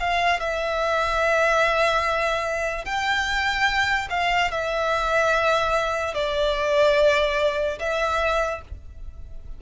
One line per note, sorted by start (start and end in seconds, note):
0.00 0.40 F5
0.40 2.85 E5
2.85 4.08 G5
4.10 4.51 F5
4.51 6.14 E5
6.14 7.79 D5
7.79 8.62 E5